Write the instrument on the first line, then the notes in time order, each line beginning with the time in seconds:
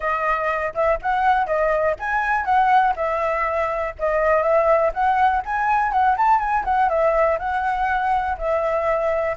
flute
0.00 D#5
0.74 E5
1.02 F#5
1.46 D#5
1.99 G#5
2.44 F#5
2.96 E5
3.98 D#5
4.42 E5
4.93 F#5
5.45 G#5
5.92 F#5
6.17 A5
6.39 G#5
6.64 F#5
6.89 E5
7.38 F#5
8.38 E5